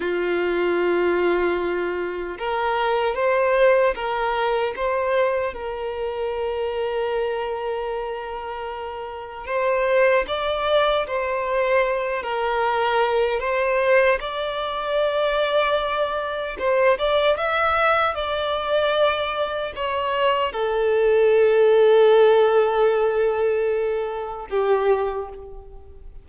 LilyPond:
\new Staff \with { instrumentName = "violin" } { \time 4/4 \tempo 4 = 76 f'2. ais'4 | c''4 ais'4 c''4 ais'4~ | ais'1 | c''4 d''4 c''4. ais'8~ |
ais'4 c''4 d''2~ | d''4 c''8 d''8 e''4 d''4~ | d''4 cis''4 a'2~ | a'2. g'4 | }